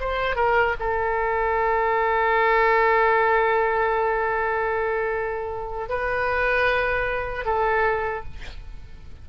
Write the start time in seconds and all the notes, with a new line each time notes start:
0.00 C5
0.36 A#4
0.80 A4
5.89 B4
7.45 A4